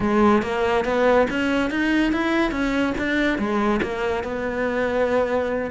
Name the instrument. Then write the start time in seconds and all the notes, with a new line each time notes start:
cello
0.00 G#3
0.42 A#3
0.85 B3
1.30 C#4
1.70 D#4
2.12 E4
2.51 C#4
2.98 D4
3.38 G#3
3.82 A#3
4.23 B3